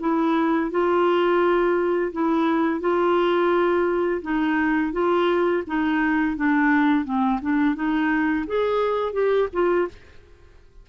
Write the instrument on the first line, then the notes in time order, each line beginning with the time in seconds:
clarinet
0.00 E4
0.71 F4
2.12 E4
2.80 F4
4.22 D#4
4.93 F4
5.67 D#4
6.36 D4
7.05 C4
7.42 D4
7.75 D#4
8.47 G#4
9.13 G4
9.53 F4